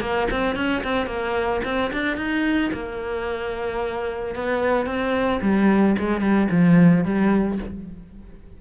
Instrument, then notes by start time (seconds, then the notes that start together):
cello
0.00 A#3
0.30 C4
0.55 C#4
0.83 C4
1.06 A#3
1.64 C4
1.93 D4
2.16 D#4
2.73 A#3
4.35 B3
4.86 C4
5.42 G3
5.98 G#3
6.20 G3
6.51 F3
7.04 G3